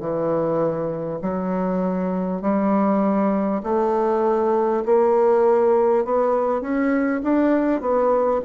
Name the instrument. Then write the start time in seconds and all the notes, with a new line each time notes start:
bassoon
0.00 E3
1.22 F#3
2.42 G3
3.64 A3
4.86 A#3
6.05 B3
6.62 C#4
7.24 D4
7.81 B3